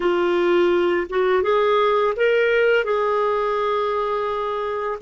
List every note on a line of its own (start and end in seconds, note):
0.00 1.07 F4
1.09 1.42 F#4
1.42 2.14 G#4
2.16 2.84 A#4
2.84 4.98 G#4